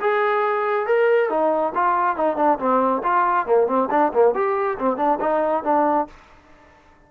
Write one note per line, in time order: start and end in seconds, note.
0.00 0.86 G#4
0.86 1.29 A#4
1.29 1.73 D#4
1.74 2.16 F4
2.16 2.36 D#4
2.36 2.58 D4
2.58 3.02 C4
3.03 3.46 F4
3.46 3.67 A#3
3.67 3.89 C4
3.90 4.12 D4
4.13 4.34 A#3
4.34 4.77 G4
4.78 4.96 C4
4.96 5.18 D4
5.20 5.63 D#4
5.63 6.07 D4